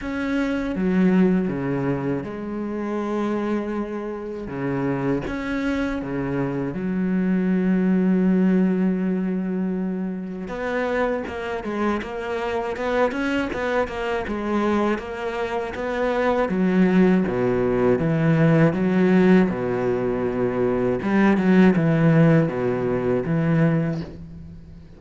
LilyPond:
\new Staff \with { instrumentName = "cello" } { \time 4/4 \tempo 4 = 80 cis'4 fis4 cis4 gis4~ | gis2 cis4 cis'4 | cis4 fis2.~ | fis2 b4 ais8 gis8 |
ais4 b8 cis'8 b8 ais8 gis4 | ais4 b4 fis4 b,4 | e4 fis4 b,2 | g8 fis8 e4 b,4 e4 | }